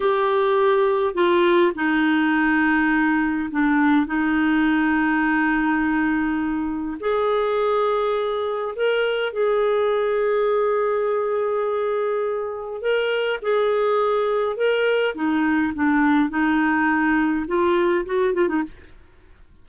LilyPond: \new Staff \with { instrumentName = "clarinet" } { \time 4/4 \tempo 4 = 103 g'2 f'4 dis'4~ | dis'2 d'4 dis'4~ | dis'1 | gis'2. ais'4 |
gis'1~ | gis'2 ais'4 gis'4~ | gis'4 ais'4 dis'4 d'4 | dis'2 f'4 fis'8 f'16 dis'16 | }